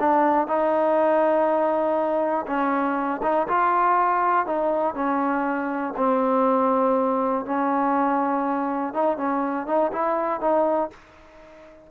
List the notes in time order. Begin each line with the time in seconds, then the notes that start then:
0.00 D4
0.48 D#4
2.47 C#4
3.23 D#4
3.48 F4
4.47 D#4
4.95 C#4
5.97 C4
7.46 C#4
8.94 D#4
9.17 C#4
9.67 D#4
9.93 E4
10.41 D#4